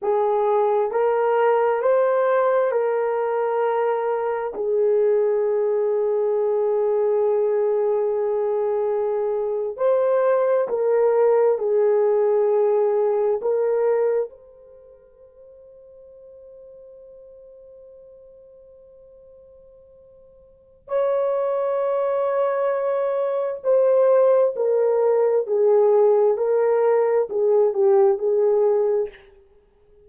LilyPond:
\new Staff \with { instrumentName = "horn" } { \time 4/4 \tempo 4 = 66 gis'4 ais'4 c''4 ais'4~ | ais'4 gis'2.~ | gis'2~ gis'8. c''4 ais'16~ | ais'8. gis'2 ais'4 c''16~ |
c''1~ | c''2. cis''4~ | cis''2 c''4 ais'4 | gis'4 ais'4 gis'8 g'8 gis'4 | }